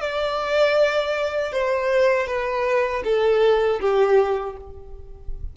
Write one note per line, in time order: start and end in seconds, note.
0.00 1.52 D5
1.52 2.26 C5
2.26 3.02 B4
3.04 3.80 A4
3.80 4.56 G4